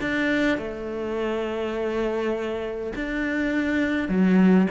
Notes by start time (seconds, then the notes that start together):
0.00 D4
0.57 A3
2.95 D4
4.08 F#3